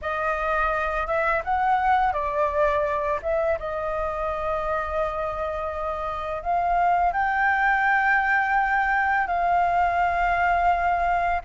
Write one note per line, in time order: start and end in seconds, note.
0.01 1.06 D#5
1.06 1.42 E5
1.44 2.12 F#5
2.12 3.19 D5
3.22 3.58 E5
3.59 6.42 D#5
6.42 7.12 F5
7.12 9.27 G5
9.27 11.41 F5